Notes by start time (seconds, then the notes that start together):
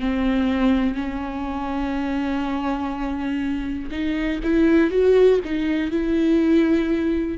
0.00 C4
0.95 C#4
3.91 D#4
4.44 E4
4.91 F#4
5.45 D#4
5.91 E4